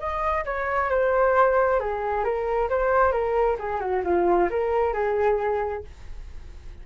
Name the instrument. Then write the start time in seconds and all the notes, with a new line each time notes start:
flute
0.00 D#5
0.46 C#5
0.90 C5
1.80 G#4
2.25 A#4
2.70 C5
3.13 A#4
3.59 G#4
3.80 F#4
4.05 F4
4.51 A#4
4.94 G#4